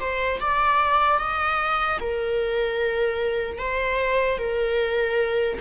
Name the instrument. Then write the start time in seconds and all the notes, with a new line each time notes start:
viola
0.00 C5
0.40 D5
1.19 D#5
2.00 A#4
3.58 C5
4.39 A#4